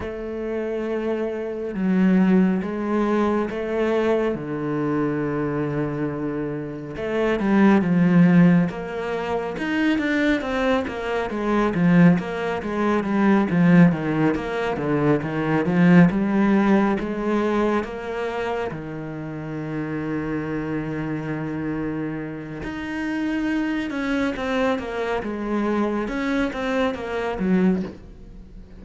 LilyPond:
\new Staff \with { instrumentName = "cello" } { \time 4/4 \tempo 4 = 69 a2 fis4 gis4 | a4 d2. | a8 g8 f4 ais4 dis'8 d'8 | c'8 ais8 gis8 f8 ais8 gis8 g8 f8 |
dis8 ais8 d8 dis8 f8 g4 gis8~ | gis8 ais4 dis2~ dis8~ | dis2 dis'4. cis'8 | c'8 ais8 gis4 cis'8 c'8 ais8 fis8 | }